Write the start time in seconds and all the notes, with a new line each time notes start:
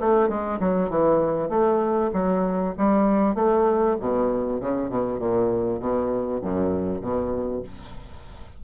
0.00 A3
0.29 G#3
0.60 F#3
0.90 E3
1.49 A3
2.13 F#3
2.77 G3
3.35 A3
4.00 B2
4.60 C#3
4.89 B2
5.19 A#2
5.80 B2
6.42 F#2
7.01 B2